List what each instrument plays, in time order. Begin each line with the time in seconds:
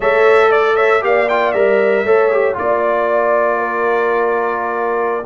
0.00 tuba A3, trombone A4, horn C#5, trumpet E5
0.50 horn D5, trumpet D5
0.76 horn C#5, trumpet E5
1.01 tuba A#3, trombone G4, horn D5, trumpet F5
1.28 trombone F4, trumpet G5
1.51 tuba G3, trombone A#4, trumpet E5
2.04 tuba A3, trombone A4, horn C#5
2.31 trombone G4
2.53 tuba A#3, trombone F4, horn D5, trumpet D5
3.57 horn A#4